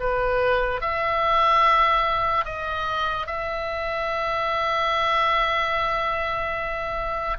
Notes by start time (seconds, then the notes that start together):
0.00 B4
0.81 E5
2.45 D#5
3.27 E5